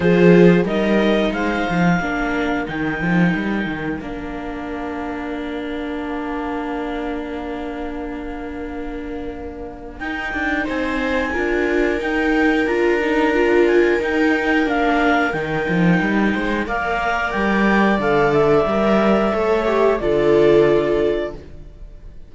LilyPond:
<<
  \new Staff \with { instrumentName = "clarinet" } { \time 4/4 \tempo 4 = 90 c''4 dis''4 f''2 | g''2 f''2~ | f''1~ | f''2. g''4 |
gis''2 g''4 ais''4~ | ais''8 gis''8 g''4 f''4 g''4~ | g''4 f''4 g''4 f''8 e''8~ | e''2 d''2 | }
  \new Staff \with { instrumentName = "viola" } { \time 4/4 gis'4 ais'4 c''4 ais'4~ | ais'1~ | ais'1~ | ais'1 |
c''4 ais'2.~ | ais'1~ | ais'8 c''8 d''2.~ | d''4 cis''4 a'2 | }
  \new Staff \with { instrumentName = "viola" } { \time 4/4 f'4 dis'2 d'4 | dis'2 d'2~ | d'1~ | d'2. dis'4~ |
dis'4 f'4 dis'4 f'8 dis'8 | f'4 dis'4 d'4 dis'4~ | dis'4 ais'2 a'4 | ais'4 a'8 g'8 f'2 | }
  \new Staff \with { instrumentName = "cello" } { \time 4/4 f4 g4 gis8 f8 ais4 | dis8 f8 g8 dis8 ais2~ | ais1~ | ais2. dis'8 d'8 |
c'4 d'4 dis'4 d'4~ | d'4 dis'4 ais4 dis8 f8 | g8 gis8 ais4 g4 d4 | g4 a4 d2 | }
>>